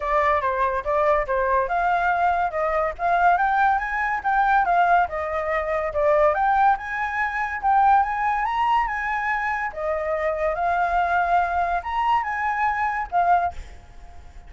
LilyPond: \new Staff \with { instrumentName = "flute" } { \time 4/4 \tempo 4 = 142 d''4 c''4 d''4 c''4 | f''2 dis''4 f''4 | g''4 gis''4 g''4 f''4 | dis''2 d''4 g''4 |
gis''2 g''4 gis''4 | ais''4 gis''2 dis''4~ | dis''4 f''2. | ais''4 gis''2 f''4 | }